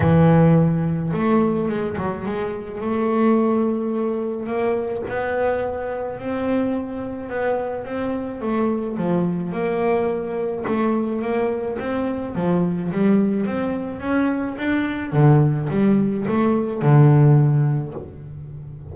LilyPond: \new Staff \with { instrumentName = "double bass" } { \time 4/4 \tempo 4 = 107 e2 a4 gis8 fis8 | gis4 a2. | ais4 b2 c'4~ | c'4 b4 c'4 a4 |
f4 ais2 a4 | ais4 c'4 f4 g4 | c'4 cis'4 d'4 d4 | g4 a4 d2 | }